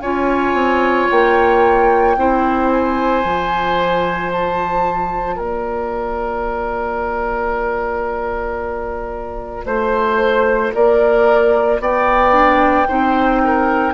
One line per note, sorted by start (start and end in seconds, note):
0.00 0.54 C#4
0.00 2.17 F4
0.00 2.16 C#5
0.00 1.08 G#5
0.54 1.07 C4
1.11 2.17 A#3
1.11 2.70 G5
2.17 3.24 C4
2.17 3.25 E4
2.17 5.36 C5
2.70 4.31 G#5
3.25 5.39 F3
3.25 12.31 F4
4.33 5.39 A5
5.36 9.65 A#3
5.36 9.65 A#4
5.36 9.67 D5
9.65 10.72 A3
9.65 10.73 C5
9.65 10.74 C5
10.74 11.80 A#3
10.74 11.82 A#4
10.74 11.81 D5
11.80 12.87 B3
11.80 12.88 D5
11.80 13.94 G5
12.31 12.85 D4
12.88 13.94 C4
12.88 13.94 D#4
12.88 13.42 C5
13.44 13.94 A#4